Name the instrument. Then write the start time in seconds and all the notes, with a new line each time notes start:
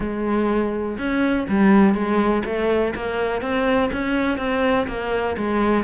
cello
0.00 G#3
0.98 C#4
1.49 G3
1.94 G#3
2.45 A3
2.95 A#3
3.41 C4
3.92 C#4
4.38 C4
4.87 A#3
5.37 G#3